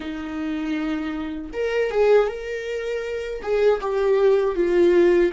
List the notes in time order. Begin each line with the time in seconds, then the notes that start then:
0.00 D#4
1.53 A#4
1.91 G#4
2.28 A#4
3.42 G#4
3.80 G4
4.55 F4